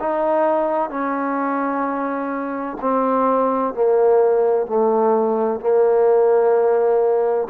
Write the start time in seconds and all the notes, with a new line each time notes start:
0.00 D#4
0.90 C#4
2.81 C4
3.75 A#3
4.67 A3
5.60 A#3